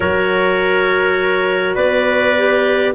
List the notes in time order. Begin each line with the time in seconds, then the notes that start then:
0.00 F#3 F#4 A#4 C#5
1.75 B3 B4 D5
2.36 G4